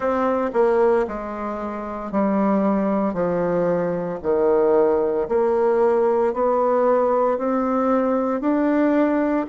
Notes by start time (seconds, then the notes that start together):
0.00 C4
0.53 A#3
1.07 G#3
2.11 G3
3.13 F3
4.22 D#3
5.28 A#3
6.33 B3
7.38 C4
8.40 D4